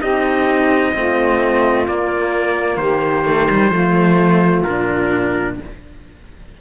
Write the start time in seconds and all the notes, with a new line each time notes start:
0.00 C4 D#4 G4 D#5
0.94 A3 C4 F4
1.87 A#3 D5
2.77 D#3 G4 C5
3.25 A3
3.50 G3
3.70 F3 A3 F4
4.63 A#2 D4 A#4